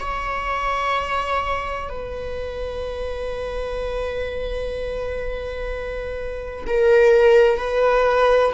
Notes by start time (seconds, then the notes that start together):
0.00 C#5
1.90 B4
6.67 A#4
7.58 B4